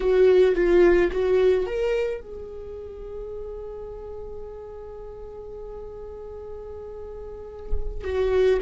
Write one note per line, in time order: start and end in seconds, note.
0.00 0.55 F#4
0.55 1.10 F4
1.11 1.66 F#4
1.66 2.20 A#4
2.20 8.04 G#4
8.04 8.59 F#4